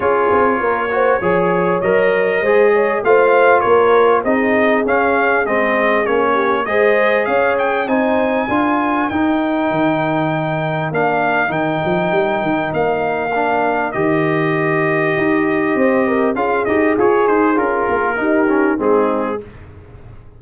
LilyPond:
<<
  \new Staff \with { instrumentName = "trumpet" } { \time 4/4 \tempo 4 = 99 cis''2. dis''4~ | dis''4 f''4 cis''4 dis''4 | f''4 dis''4 cis''4 dis''4 | f''8 g''8 gis''2 g''4~ |
g''2 f''4 g''4~ | g''4 f''2 dis''4~ | dis''2. f''8 dis''8 | cis''8 c''8 ais'2 gis'4 | }
  \new Staff \with { instrumentName = "horn" } { \time 4/4 gis'4 ais'8 c''8 cis''2 | c''8 cis''8 c''4 ais'4 gis'4~ | gis'2~ gis'8 g'8 c''4 | cis''4 c''4 ais'2~ |
ais'1~ | ais'1~ | ais'2 c''8 ais'8 gis'4~ | gis'2 g'4 dis'4 | }
  \new Staff \with { instrumentName = "trombone" } { \time 4/4 f'4. fis'8 gis'4 ais'4 | gis'4 f'2 dis'4 | cis'4 c'4 cis'4 gis'4~ | gis'4 dis'4 f'4 dis'4~ |
dis'2 d'4 dis'4~ | dis'2 d'4 g'4~ | g'2. f'8 g'8 | gis'4 f'4 dis'8 cis'8 c'4 | }
  \new Staff \with { instrumentName = "tuba" } { \time 4/4 cis'8 c'8 ais4 f4 fis4 | gis4 a4 ais4 c'4 | cis'4 gis4 ais4 gis4 | cis'4 c'4 d'4 dis'4 |
dis2 ais4 dis8 f8 | g8 dis8 ais2 dis4~ | dis4 dis'4 c'4 cis'8 dis'8 | f'8 dis'8 cis'8 ais8 dis'4 gis4 | }
>>